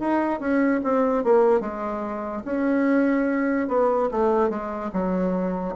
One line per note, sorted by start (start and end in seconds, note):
0.00 0.40 D#4
0.40 0.81 C#4
0.84 1.24 C4
1.24 1.61 A#3
1.61 2.43 G#3
2.45 3.68 C#4
3.68 4.09 B3
4.11 4.50 A3
4.50 4.91 G#3
4.93 5.75 F#3